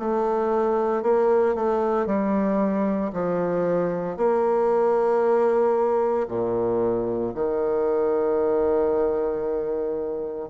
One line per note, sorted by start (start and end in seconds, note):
0.00 1.03 A3
1.03 1.56 A#3
1.56 2.07 A3
2.07 3.12 G3
3.13 4.17 F3
4.17 6.28 A#3
6.28 7.33 A#2
7.35 10.50 D#3